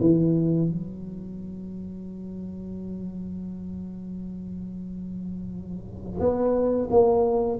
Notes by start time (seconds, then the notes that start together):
0.00 E3
0.69 F#3
6.19 B3
6.90 A#3